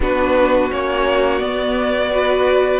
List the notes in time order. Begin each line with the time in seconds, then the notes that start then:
0.00 B3 D4 F#4 B4
0.71 A#3 C#4 C#5
1.39 B3 D5
2.11 F#4 B4